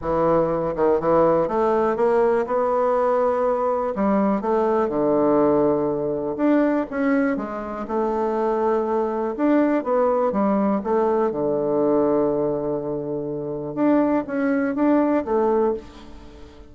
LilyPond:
\new Staff \with { instrumentName = "bassoon" } { \time 4/4 \tempo 4 = 122 e4. dis8 e4 a4 | ais4 b2. | g4 a4 d2~ | d4 d'4 cis'4 gis4 |
a2. d'4 | b4 g4 a4 d4~ | d1 | d'4 cis'4 d'4 a4 | }